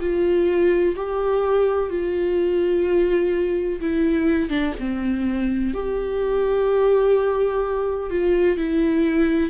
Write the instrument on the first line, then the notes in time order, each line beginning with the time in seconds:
viola
0.00 F4
0.96 G4
1.90 F4
3.81 E4
4.49 D4
4.80 C4
5.74 G4
8.10 F4
8.57 E4